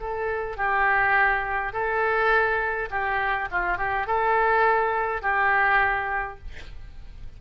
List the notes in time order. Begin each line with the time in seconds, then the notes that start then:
0.00 A4
0.57 G4
1.73 A4
2.90 G4
3.51 F4
3.78 G4
4.07 A4
5.22 G4